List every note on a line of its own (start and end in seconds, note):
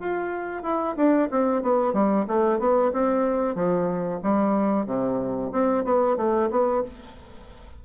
0.00 0.63 F4
0.63 0.95 E4
0.97 1.29 D4
1.31 1.63 C4
1.63 1.93 B3
1.93 2.26 G3
2.28 2.59 A3
2.59 2.92 B3
2.93 3.56 C4
3.56 4.21 F3
4.23 4.86 G3
4.86 5.51 C3
5.52 5.85 C4
5.85 6.17 B3
6.17 6.50 A3
6.51 6.84 B3